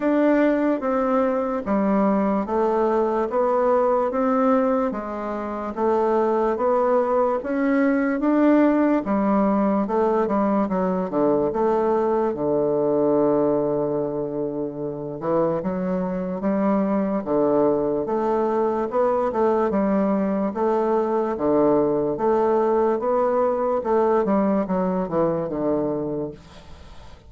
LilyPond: \new Staff \with { instrumentName = "bassoon" } { \time 4/4 \tempo 4 = 73 d'4 c'4 g4 a4 | b4 c'4 gis4 a4 | b4 cis'4 d'4 g4 | a8 g8 fis8 d8 a4 d4~ |
d2~ d8 e8 fis4 | g4 d4 a4 b8 a8 | g4 a4 d4 a4 | b4 a8 g8 fis8 e8 d4 | }